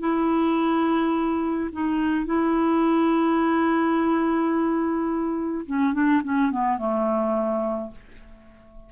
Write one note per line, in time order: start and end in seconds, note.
0.00 1.70 E4
1.72 2.26 D#4
2.26 5.66 E4
5.66 5.94 C#4
5.94 6.22 D4
6.23 6.51 C#4
6.51 6.78 B3
6.78 7.91 A3